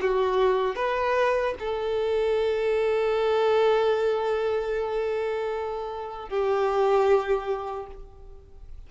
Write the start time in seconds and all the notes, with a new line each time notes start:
0.00 F#4
0.75 B4
1.59 A4
6.28 G4